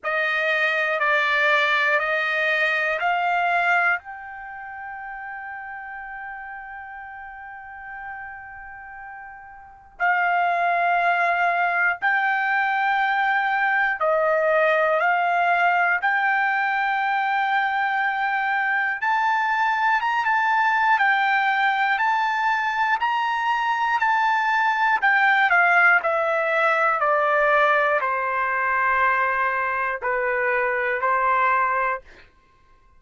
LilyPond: \new Staff \with { instrumentName = "trumpet" } { \time 4/4 \tempo 4 = 60 dis''4 d''4 dis''4 f''4 | g''1~ | g''2 f''2 | g''2 dis''4 f''4 |
g''2. a''4 | ais''16 a''8. g''4 a''4 ais''4 | a''4 g''8 f''8 e''4 d''4 | c''2 b'4 c''4 | }